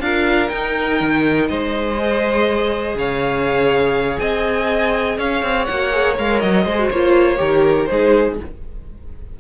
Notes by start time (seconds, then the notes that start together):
0.00 D4 F4 A#4 F5
0.49 D#4 G5
1.01 D#3
1.49 G#3 C5 D#5
1.97 G#4
2.95 C#3 C#5 F5
4.19 C4 D#5 G#5
5.18 C#4 C#5 F5
5.43 C4
5.65 A#3 F#4 F#5
5.92 G#4
6.17 G#3 A#4 F5
6.40 F#3 D#5
6.64 G#3 G#4 C5
6.79 F#4
6.90 A#3 F4 C#5
7.37 D#3 G4 A#4
7.85 G#3 D#4 G#4 C5